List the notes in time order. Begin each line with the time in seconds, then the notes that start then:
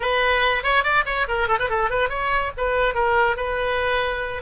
0.00 B4
0.63 C#5
0.83 D5
1.05 C#5
1.28 A#4
1.48 A4
1.59 B4
1.69 A4
1.90 B4
2.09 C#5
2.57 B4
2.94 A#4
3.36 B4